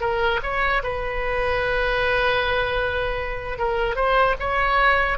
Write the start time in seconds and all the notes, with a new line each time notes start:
0.00 A#4
0.42 C#5
0.83 B4
3.58 A#4
3.95 C5
4.39 C#5